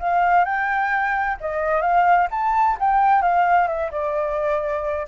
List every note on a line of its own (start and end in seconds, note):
0.00 0.46 F5
0.46 1.38 G5
1.41 1.82 D#5
1.82 2.28 F5
2.31 2.78 A5
2.80 3.22 G5
3.22 3.68 F5
3.68 3.91 E5
3.92 5.07 D5